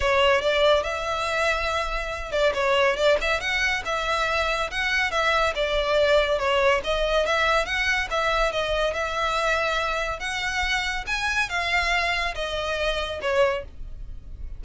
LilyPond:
\new Staff \with { instrumentName = "violin" } { \time 4/4 \tempo 4 = 141 cis''4 d''4 e''2~ | e''4. d''8 cis''4 d''8 e''8 | fis''4 e''2 fis''4 | e''4 d''2 cis''4 |
dis''4 e''4 fis''4 e''4 | dis''4 e''2. | fis''2 gis''4 f''4~ | f''4 dis''2 cis''4 | }